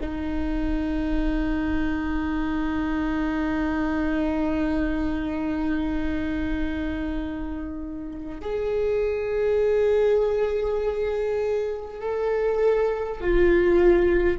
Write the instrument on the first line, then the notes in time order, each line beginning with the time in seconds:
viola
0.00 D#4
8.41 G#4
12.00 A4
13.21 F4